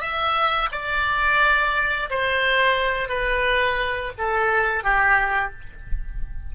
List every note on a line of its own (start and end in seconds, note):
0.00 0.69 E5
0.71 2.09 D5
2.10 3.08 C5
3.08 4.12 B4
4.18 4.83 A4
4.83 5.52 G4